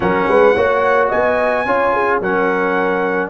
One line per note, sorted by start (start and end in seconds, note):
0.00 0.26 F#3
0.00 0.55 C#4
0.00 0.28 A#4
0.00 1.09 F#5
0.28 0.55 G#3
0.28 0.54 B4
0.54 1.11 A#3
0.54 1.66 F#4
0.54 1.08 C#5
1.08 1.65 B3
1.08 1.64 D#5
1.08 2.20 G#5
1.65 2.20 C#4
1.65 2.21 F4
1.65 1.93 C#5
1.93 2.21 G#4
2.20 3.29 F#3
2.20 3.29 C#4
2.20 3.29 A#4
2.20 3.29 F#5